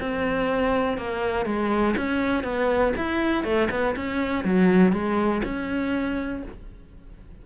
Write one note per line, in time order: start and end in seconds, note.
0.00 0.98 C4
0.98 1.45 A#3
1.45 1.95 G#3
1.97 2.43 C#4
2.43 2.93 B3
2.97 3.44 E4
3.44 3.69 A3
3.70 3.95 B3
3.96 4.44 C#4
4.44 4.92 F#3
4.92 5.42 G#3
5.44 6.43 C#4